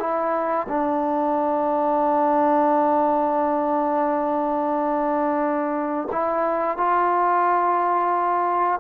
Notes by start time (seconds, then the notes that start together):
0.00 E4
0.69 D4
6.12 E4
6.78 F4